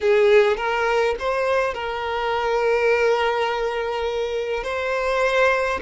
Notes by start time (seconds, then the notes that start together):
0.01 G#4
0.57 A#4
1.19 C5
1.73 A#4
4.63 C5